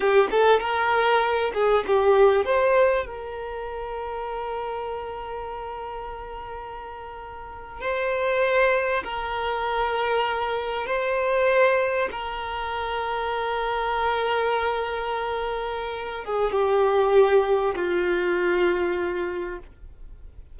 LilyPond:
\new Staff \with { instrumentName = "violin" } { \time 4/4 \tempo 4 = 98 g'8 a'8 ais'4. gis'8 g'4 | c''4 ais'2.~ | ais'1~ | ais'8. c''2 ais'4~ ais'16~ |
ais'4.~ ais'16 c''2 ais'16~ | ais'1~ | ais'2~ ais'8 gis'8 g'4~ | g'4 f'2. | }